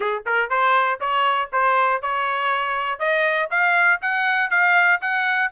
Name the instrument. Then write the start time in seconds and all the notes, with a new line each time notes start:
trumpet
0.00 G#4
0.25 A#4
0.49 C5
1.00 C#5
1.52 C5
2.02 C#5
2.99 D#5
3.50 F5
4.01 F#5
4.50 F5
5.01 F#5